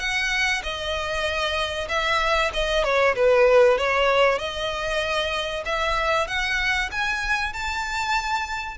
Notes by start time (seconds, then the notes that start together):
0.00 F#5
0.63 D#5
1.89 E5
2.54 D#5
2.84 C#5
3.16 B4
3.78 C#5
4.39 D#5
5.66 E5
6.28 F#5
6.91 G#5
7.53 A5